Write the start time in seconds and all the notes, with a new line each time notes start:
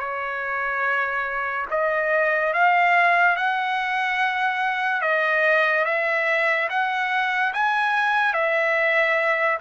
0.00 C#5
1.71 D#5
2.54 F5
3.36 F#5
5.02 D#5
5.86 E5
6.70 F#5
7.54 G#5
8.34 E5